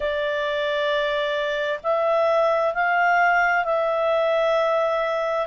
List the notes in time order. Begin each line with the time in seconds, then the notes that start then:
0.00 D5
1.83 E5
2.74 F5
3.64 E5